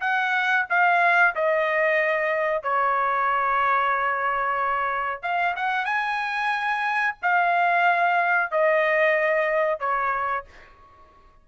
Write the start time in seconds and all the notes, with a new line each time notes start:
0.00 F#5
0.69 F5
1.35 D#5
2.62 C#5
5.22 F5
5.56 F#5
5.85 G#5
7.22 F5
8.51 D#5
9.79 C#5